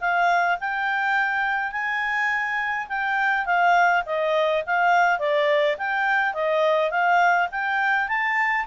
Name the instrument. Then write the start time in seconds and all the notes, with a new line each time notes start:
clarinet
0.00 F5
0.60 G5
1.72 G#5
2.88 G5
3.45 F5
4.06 D#5
4.66 F5
5.19 D5
5.77 G5
6.34 D#5
6.90 F5
7.51 G5
8.08 A5